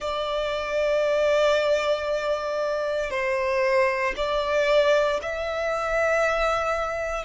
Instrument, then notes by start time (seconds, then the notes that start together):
violin
0.00 D5
3.10 C5
4.16 D5
5.21 E5